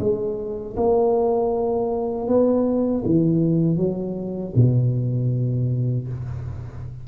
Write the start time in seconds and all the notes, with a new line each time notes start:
0.00 G#3
0.77 A#3
2.28 B3
3.06 E3
3.77 F#3
4.56 B2